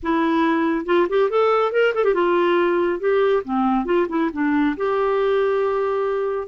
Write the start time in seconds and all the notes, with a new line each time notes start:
0.02 E4
0.85 F4
1.09 G4
1.29 A4
1.71 A#4
1.94 A4
2.04 G4
2.14 F4
2.99 G4
3.44 C4
3.85 F4
4.08 E4
4.32 D4
4.76 G4